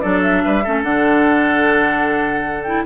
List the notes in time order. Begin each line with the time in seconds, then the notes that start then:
0.00 F#3 D4 A4 D5
0.22 E5
0.44 G3 B4
0.63 A3 C#4 A4
0.82 D3 D4 F#5
2.63 E4 G5